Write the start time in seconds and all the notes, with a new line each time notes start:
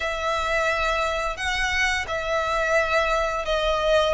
0.00 E5
1.36 F#5
2.07 E5
3.45 D#5